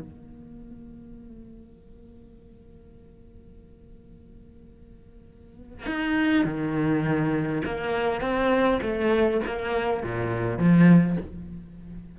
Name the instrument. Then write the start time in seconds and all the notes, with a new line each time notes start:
cello
0.00 A#3
5.86 D#4
6.45 D#3
7.65 A#3
8.21 C4
8.82 A3
9.46 A#3
10.03 A#2
10.58 F3